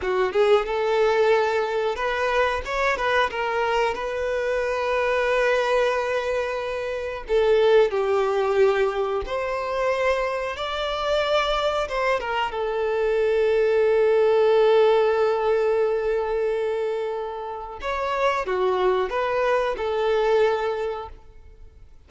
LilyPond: \new Staff \with { instrumentName = "violin" } { \time 4/4 \tempo 4 = 91 fis'8 gis'8 a'2 b'4 | cis''8 b'8 ais'4 b'2~ | b'2. a'4 | g'2 c''2 |
d''2 c''8 ais'8 a'4~ | a'1~ | a'2. cis''4 | fis'4 b'4 a'2 | }